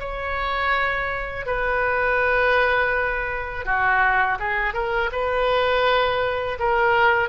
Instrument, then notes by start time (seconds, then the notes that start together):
oboe
0.00 C#5
1.46 B4
3.66 F#4
4.40 G#4
4.74 A#4
5.13 B4
6.60 A#4